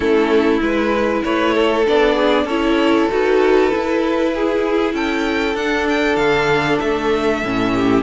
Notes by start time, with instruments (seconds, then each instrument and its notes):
0.00 cello A3, viola C#4, violin E4 A4
0.60 cello G#3, viola E4, violin B4
1.24 cello A3, violin B4 C#5
1.54 violin A4
1.85 cello B3, viola D4, violin D5
2.15 violin G#4
2.44 cello C#4, viola E4, violin A4 C#5
3.10 cello D#4, viola F#4, violin B4
3.70 viola E4, cello E4
4.34 violin G#4
4.93 cello C#4, violin A4 G5
5.55 cello D4, viola D4, violin F#5
5.89 violin G5
6.15 cello D3, violin F5
6.79 cello A3, violin E5
7.43 cello A2, viola C#4
7.73 violin G4